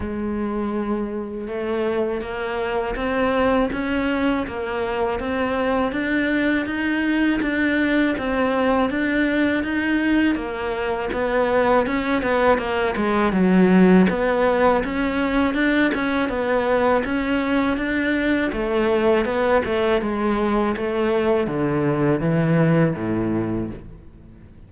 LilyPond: \new Staff \with { instrumentName = "cello" } { \time 4/4 \tempo 4 = 81 gis2 a4 ais4 | c'4 cis'4 ais4 c'4 | d'4 dis'4 d'4 c'4 | d'4 dis'4 ais4 b4 |
cis'8 b8 ais8 gis8 fis4 b4 | cis'4 d'8 cis'8 b4 cis'4 | d'4 a4 b8 a8 gis4 | a4 d4 e4 a,4 | }